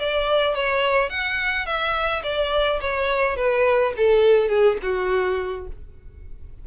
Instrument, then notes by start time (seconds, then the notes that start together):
violin
0.00 D5
0.55 C#5
1.10 F#5
1.66 E5
2.24 D5
2.81 C#5
3.37 B4
3.97 A4
4.49 G#4
4.82 F#4